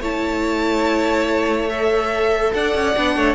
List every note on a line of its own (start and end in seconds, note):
0.00 2.52 A3
0.00 1.69 E4
0.00 2.52 C#5
0.00 1.69 A5
1.69 2.95 A4
1.69 2.53 E5
2.53 2.75 D4
2.53 3.16 D5
2.53 3.35 F#5
2.75 2.96 C#4
2.97 3.16 B3
2.97 3.35 D4
3.16 3.35 A3
3.16 3.35 C#5